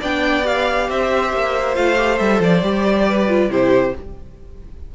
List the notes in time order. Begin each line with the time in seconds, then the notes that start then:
0.00 B3 D4 D5 G5
0.44 G4 F5
0.90 C4 C5 E5
1.33 A#3
1.75 A3 F4 F5
1.97 G4
2.17 G3 A4 E5
2.40 F3 D5
2.62 G3 G4
3.08 B4
3.28 F4
3.49 C3 E4 G4 C5